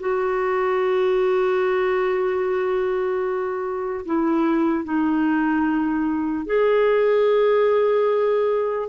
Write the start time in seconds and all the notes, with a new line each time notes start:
0.00 F#4
4.06 E4
4.85 D#4
6.46 G#4